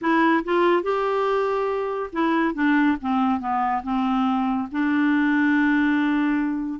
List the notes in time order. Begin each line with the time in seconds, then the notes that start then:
0.01 E4
0.44 F4
0.82 G4
2.12 E4
2.54 D4
3.01 C4
3.40 B3
3.83 C4
4.71 D4